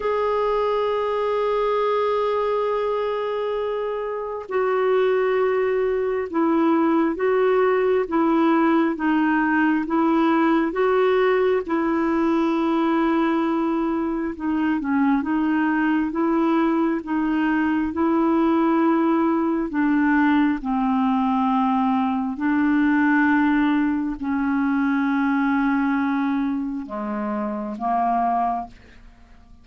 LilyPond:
\new Staff \with { instrumentName = "clarinet" } { \time 4/4 \tempo 4 = 67 gis'1~ | gis'4 fis'2 e'4 | fis'4 e'4 dis'4 e'4 | fis'4 e'2. |
dis'8 cis'8 dis'4 e'4 dis'4 | e'2 d'4 c'4~ | c'4 d'2 cis'4~ | cis'2 gis4 ais4 | }